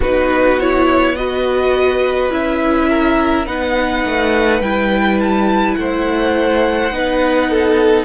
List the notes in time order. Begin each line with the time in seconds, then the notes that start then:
0.00 B3 D#4 F#4 B4
0.59 E4 C#5
1.15 F#4 B4 D#5
2.31 C#4 E4 E5
2.88 A#4
3.46 B3 D#4 B4 F#5
4.05 A3
4.60 G3 E4 G5
5.19 A5
5.75 A3 C5 F#5
6.90 B3 D#4 B4
7.50 A4